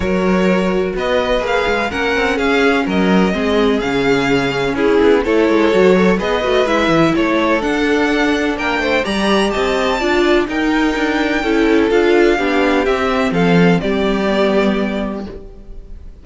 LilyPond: <<
  \new Staff \with { instrumentName = "violin" } { \time 4/4 \tempo 4 = 126 cis''2 dis''4 f''4 | fis''4 f''4 dis''2 | f''2 gis'4 cis''4~ | cis''4 dis''4 e''4 cis''4 |
fis''2 g''4 ais''4 | a''2 g''2~ | g''4 f''2 e''4 | f''4 d''2. | }
  \new Staff \with { instrumentName = "violin" } { \time 4/4 ais'2 b'2 | ais'4 gis'4 ais'4 gis'4~ | gis'2 e'4 a'4~ | a'8 cis''8 b'2 a'4~ |
a'2 ais'8 c''8 d''4 | dis''4 d''4 ais'2 | a'2 g'2 | a'4 g'2. | }
  \new Staff \with { instrumentName = "viola" } { \time 4/4 fis'2. gis'4 | cis'2. c'4 | cis'2. e'4 | fis'8 a'8 gis'8 fis'8 e'2 |
d'2. g'4~ | g'4 f'4 dis'2 | e'4 f'4 d'4 c'4~ | c'2 b2 | }
  \new Staff \with { instrumentName = "cello" } { \time 4/4 fis2 b4 ais8 gis8 | ais8 c'8 cis'4 fis4 gis4 | cis2 cis'8 b8 a8 gis8 | fis4 b8 a8 gis8 e8 a4 |
d'2 ais8 a8 g4 | c'4 d'4 dis'4 d'4 | cis'4 d'4 b4 c'4 | f4 g2. | }
>>